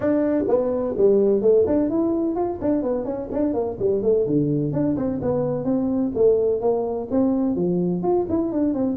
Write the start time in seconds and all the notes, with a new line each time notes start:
0.00 D4
0.48 B3
0.97 G3
1.41 A3
1.66 D4
1.89 E4
2.35 F4
2.61 D4
2.82 B3
3.05 C#4
3.31 D4
3.53 A#3
3.79 G3
4.02 A3
4.26 D3
4.72 D4
4.96 C4
5.21 B3
5.64 C4
6.14 A3
6.60 A#3
7.10 C4
7.55 F3
8.03 F4
8.29 E4
8.51 D4
8.74 C4